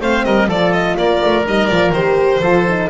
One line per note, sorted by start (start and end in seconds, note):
0.00 0.24 A3
0.00 0.48 C4
0.00 0.25 C5
0.00 0.24 F5
0.24 0.47 G3
0.24 0.48 A#4
0.24 0.48 D#5
0.47 0.95 F3
0.47 1.44 F4
0.47 0.96 A4
0.47 0.72 D5
0.72 0.96 D#5
0.97 1.21 A#3
0.97 2.41 A#4
0.97 1.45 D5
1.24 1.46 A3
1.45 1.70 G3
1.45 1.69 D#4
1.45 1.67 D#5
1.67 1.91 F3
1.67 1.95 F4
1.67 1.91 D5
1.91 2.39 D#3
1.91 2.42 G4
1.91 2.89 C5
2.41 2.89 F3
2.41 2.66 F4
2.41 2.89 A4
2.69 2.89 D#4